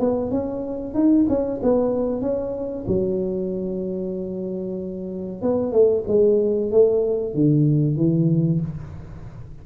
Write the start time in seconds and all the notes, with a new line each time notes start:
0.00 B3
0.31 C#4
0.95 D#4
1.29 C#4
1.62 B3
2.21 C#4
2.88 F#3
5.42 B3
5.72 A3
6.08 G#3
6.71 A3
7.34 D3
7.97 E3